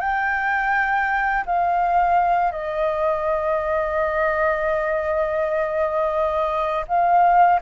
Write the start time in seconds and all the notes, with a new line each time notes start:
0.00 G5
1.46 F5
2.52 D#5
6.88 F5